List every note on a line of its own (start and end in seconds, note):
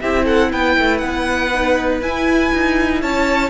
0.00 0.52 C4
0.00 1.52 E4
0.00 0.24 G4
0.00 0.25 E5
0.24 0.49 A4
0.24 0.51 F#5
0.52 0.77 B3
0.52 3.01 B4
0.52 0.97 G5
0.77 1.01 A3
0.97 2.01 B3
0.97 1.97 F#5
1.53 2.02 D#4
2.01 2.51 E4
2.01 3.50 E4
2.01 3.02 G#5
2.53 3.02 D#4
3.01 3.50 C#4
3.01 3.50 C#5
3.01 3.50 A5